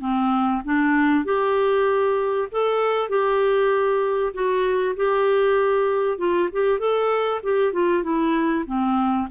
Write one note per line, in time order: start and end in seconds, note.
0.00 0.62 C4
0.64 1.24 D4
1.24 2.48 G4
2.51 3.09 A4
3.09 4.32 G4
4.33 4.95 F#4
4.96 6.18 G4
6.18 6.49 F4
6.52 6.79 G4
6.79 7.41 A4
7.43 7.72 G4
7.72 8.03 F4
8.03 8.65 E4
8.66 9.28 C4